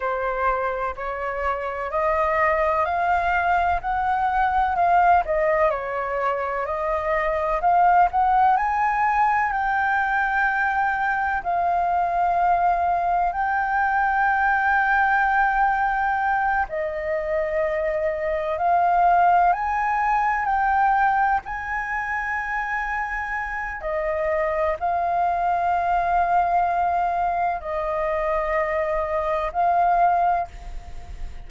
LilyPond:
\new Staff \with { instrumentName = "flute" } { \time 4/4 \tempo 4 = 63 c''4 cis''4 dis''4 f''4 | fis''4 f''8 dis''8 cis''4 dis''4 | f''8 fis''8 gis''4 g''2 | f''2 g''2~ |
g''4. dis''2 f''8~ | f''8 gis''4 g''4 gis''4.~ | gis''4 dis''4 f''2~ | f''4 dis''2 f''4 | }